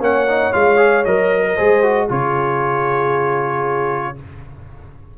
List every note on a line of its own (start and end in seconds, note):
0.00 0.52 A#3
0.00 0.27 C#4
0.00 1.42 C#5
0.00 0.53 F#5
0.27 0.52 D#4
0.52 1.06 G#3
0.52 0.77 F4
0.52 1.05 F5
0.77 1.03 G#4
1.05 1.58 F#3
1.05 1.58 A#4
1.05 2.08 D#5
1.42 1.55 A#4
1.56 2.10 G#3
1.56 1.83 G#4
1.56 2.07 C5
1.83 2.09 F#4
2.08 4.17 C#3
2.08 4.16 F4
2.08 4.15 G#4
2.08 4.18 C#5